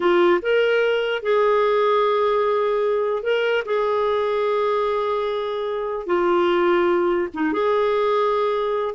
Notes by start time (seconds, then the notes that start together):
0.00 F4
0.42 A#4
1.22 G#4
3.22 A#4
3.65 G#4
6.06 F4
7.34 D#4
7.52 G#4